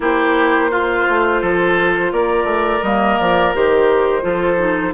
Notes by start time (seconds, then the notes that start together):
0.00 A#3 E4 G4 C5
0.70 F4
1.08 A3
1.41 F3 A4
2.12 A#3 A#4 D5
2.44 A3
2.82 G3 A#3 D#5
3.17 F3 D5
3.54 D#3 G4 C5
4.21 F3 F4 A4
4.57 D#4